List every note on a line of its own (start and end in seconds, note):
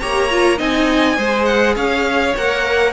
0.00 0.60 A#3
0.00 0.30 G4
0.00 0.58 C#5
0.00 0.59 A#5
0.31 0.58 F4
0.58 1.18 C4
0.58 1.17 D#4
0.58 1.16 D#5
0.58 1.45 G#5
1.16 1.76 G#3
1.16 2.35 G#4
1.16 1.75 C5
1.45 1.74 F#5
1.76 2.35 C#4
1.76 2.93 C#5
1.76 2.36 F5
2.37 2.93 A#3
2.37 2.93 A#4
2.37 2.93 F#5